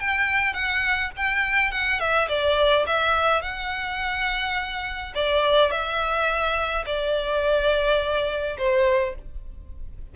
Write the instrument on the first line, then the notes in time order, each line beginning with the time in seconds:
violin
0.00 G5
0.54 F#5
1.17 G5
1.71 F#5
2.00 E5
2.29 D5
2.87 E5
3.42 F#5
5.15 D5
5.71 E5
6.86 D5
8.58 C5